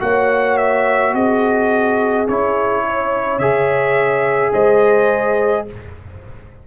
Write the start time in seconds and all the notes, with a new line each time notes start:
0.00 A#3 F#4 C#5 F#5
0.58 E5
1.14 C4 G#4 D#5
2.28 C#4 E4 C#5
2.86 C#5
3.39 C#3 G#4 E5
4.53 G#3 C5 D#5